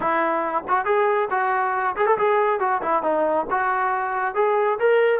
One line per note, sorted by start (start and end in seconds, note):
0.00 0.64 E4
0.67 0.85 F#4
0.85 1.28 G#4
1.30 1.95 F#4
1.96 2.06 G#4
2.06 2.17 A4
2.18 2.59 G#4
2.59 2.81 F#4
2.81 3.03 E4
3.03 3.46 D#4
3.50 4.34 F#4
4.34 4.78 G#4
4.79 5.19 A#4